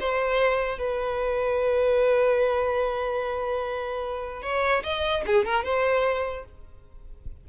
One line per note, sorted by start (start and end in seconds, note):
0.00 0.78 C5
0.78 4.42 B4
4.42 4.83 C#5
4.83 5.23 D#5
5.26 5.45 G#4
5.45 5.64 A#4
5.64 6.45 C5